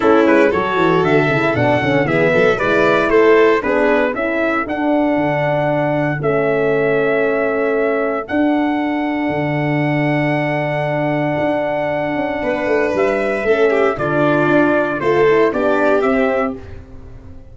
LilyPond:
<<
  \new Staff \with { instrumentName = "trumpet" } { \time 4/4 \tempo 4 = 116 a'8 b'8 cis''4 e''4 fis''4 | e''4 d''4 c''4 b'4 | e''4 fis''2. | e''1 |
fis''1~ | fis''1~ | fis''4 e''2 d''4~ | d''4 c''4 d''4 e''4 | }
  \new Staff \with { instrumentName = "violin" } { \time 4/4 e'4 a'2. | gis'8 a'8 b'4 a'4 gis'4 | a'1~ | a'1~ |
a'1~ | a'1 | b'2 a'8 g'8 f'4~ | f'4 a'4 g'2 | }
  \new Staff \with { instrumentName = "horn" } { \time 4/4 cis'4 fis'4. e'8 d'8 cis'8 | b4 e'2 d'4 | e'4 d'2. | cis'1 |
d'1~ | d'1~ | d'2 cis'4 d'4~ | d'4 f'8 e'8 d'4 c'4 | }
  \new Staff \with { instrumentName = "tuba" } { \time 4/4 a8 gis8 fis8 e8 d8 cis8 b,8 d8 | e8 fis8 gis4 a4 b4 | cis'4 d'4 d2 | a1 |
d'2 d2~ | d2 d'4. cis'8 | b8 a8 g4 a4 d4 | d'4 a4 b4 c'4 | }
>>